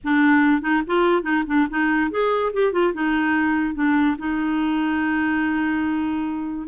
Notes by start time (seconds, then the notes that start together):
0.04 D4
0.61 D#4
0.87 F4
1.22 D#4
1.46 D4
1.69 D#4
2.10 G#4
2.53 G4
2.72 F4
2.93 D#4
3.74 D4
4.18 D#4